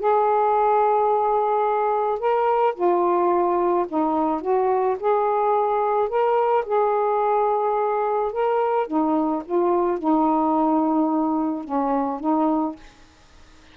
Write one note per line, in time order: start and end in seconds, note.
0.00 2.19 G#4
2.19 2.75 A#4
2.75 3.86 F4
3.88 4.41 D#4
4.41 4.97 F#4
4.99 6.09 G#4
6.09 6.64 A#4
6.66 8.32 G#4
8.32 8.87 A#4
8.87 9.43 D#4
9.45 9.98 F4
9.98 11.64 D#4
11.64 12.20 C#4
12.20 12.76 D#4